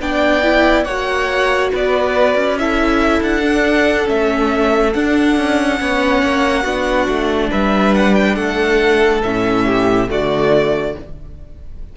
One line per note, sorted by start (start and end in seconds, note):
0.00 0.86 B3
0.00 0.42 D4
0.00 0.86 D5
0.00 0.84 G5
0.42 0.85 E4
0.84 1.71 A#3
0.84 2.59 F#4
0.84 1.71 C#5
0.84 1.69 F#5
1.72 2.35 B3
1.72 2.58 B4
1.72 2.58 D5
2.35 3.21 C#4
2.58 3.42 E4
2.58 5.81 A4
2.58 3.22 E5
3.22 4.08 D4
3.22 4.08 F#5
3.42 4.05 D4
4.05 4.95 A3
4.05 4.91 C#4
4.05 4.93 E5
4.93 5.37 D4
4.93 5.79 D4
4.93 7.50 F#5
5.37 5.80 C#4
5.79 6.22 B3
5.79 6.65 C#4
5.79 6.62 C#5
6.22 6.65 A#3
6.62 7.07 B3
6.62 9.22 D4
6.62 7.48 F#4
7.08 7.51 A3
7.51 8.36 G3
7.51 8.36 B4
7.51 7.95 E5
7.95 8.14 F#5
8.14 8.35 G5
8.35 9.22 A3
8.35 9.64 A4
8.35 9.21 F#5
9.23 10.09 A2
9.23 10.08 C#4
9.23 10.09 E5
9.66 10.09 G4
10.08 10.95 D3
10.08 10.94 A3
10.08 10.96 F#4
10.08 10.97 D5